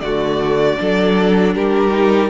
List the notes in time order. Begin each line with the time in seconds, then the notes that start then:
0.00 D3 A3 F#4 D5
0.78 F#3 D4 A4
1.55 G3 G4 A#4
1.91 D#4